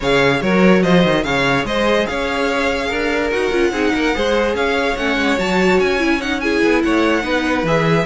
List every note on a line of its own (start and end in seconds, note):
0.00 0.41 C#3
0.00 0.40 G#4
0.00 0.41 C#5
0.00 0.41 F5
0.40 0.83 F#3
0.40 1.23 F#4
0.40 0.82 A#4
0.40 0.82 C#5
0.82 1.04 F3
0.82 1.23 C5
0.82 1.23 D#5
1.04 1.24 D#3
1.23 1.64 C#3
1.23 3.31 G#4
1.23 1.67 C#5
1.23 1.64 F5
1.64 2.05 G#3
1.64 2.08 C5
1.64 2.06 D#5
2.06 2.90 C#4
2.06 2.87 C#5
2.06 3.30 F5
2.87 3.32 D4
2.87 3.70 A#4
3.30 3.51 D#4
3.30 3.52 F#4
3.30 4.54 F#5
3.51 3.71 C#4
3.51 3.72 F4
3.71 3.92 C4
3.71 4.14 D#4
3.71 3.92 G#4
3.94 4.14 A#3
3.94 4.15 A#4
4.14 4.54 G#3
4.14 4.97 G#4
4.14 4.55 C5
4.54 4.95 C#4
4.54 6.41 C#5
4.54 4.96 F5
4.96 5.17 A3
4.96 5.37 C#4
4.96 5.38 F#5
5.17 5.38 G#3
5.37 5.79 F#3
5.37 5.98 F#4
5.37 5.79 A5
5.79 6.62 C#4
5.79 6.21 G#5
5.98 6.19 E4
6.21 6.42 D#4
6.21 6.40 F#5
6.40 7.22 E4
6.40 6.84 G#4
6.40 6.82 G#5
6.63 6.84 B3
6.82 7.23 A3
6.82 7.23 C#5
6.82 7.65 F#5
7.22 7.63 B3
7.22 7.64 D#4
7.22 8.05 B4
7.63 8.04 E3
7.63 8.06 G#4
7.63 8.06 E5